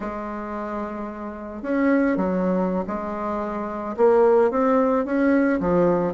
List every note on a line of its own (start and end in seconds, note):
0.00 1.62 G#3
1.62 2.16 C#4
2.16 2.84 F#3
2.87 3.96 G#3
3.97 4.50 A#3
4.50 5.05 C4
5.05 5.59 C#4
5.59 6.13 F3